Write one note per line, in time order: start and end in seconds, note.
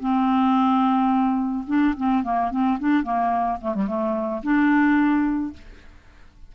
0.00 1.65 C4
1.67 1.95 D4
1.97 2.23 C4
2.23 2.51 A#3
2.51 2.78 C4
2.79 3.04 D4
3.04 3.59 A#3
3.61 3.75 A3
3.75 3.87 G3
3.87 4.42 A3
4.43 5.53 D4